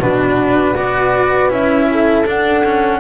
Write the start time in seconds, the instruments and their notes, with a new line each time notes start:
0.00 double bass B2, cello D4, horn F#4, flute B4
0.74 double bass B3, cello F#4, horn B4, flute D5
1.49 double bass C#4, cello E4, flute E5
1.91 horn A4
2.26 cello D4, double bass D4, flute F#5
2.64 cello C#4